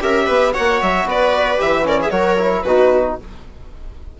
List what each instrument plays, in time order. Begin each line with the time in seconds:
0.00 bassoon C#4, trombone G4, viola A#4, violin E5
0.26 bassoon B3, viola B4
0.53 bassoon A#3, trombone F#4, viola C#5, violin F#5
0.82 bassoon F#3, violin E5
1.05 bassoon B3, viola B4, violin D5
1.57 bassoon E3, trombone G4, violin E5
1.83 trombone C#4, viola A#4, violin D5
2.01 viola G#4, violin E5
2.10 bassoon F#3, trombone F#4, viola A#4, violin C#5
2.38 trombone E4
2.62 bassoon B2, trombone D#4, viola F#4, violin B4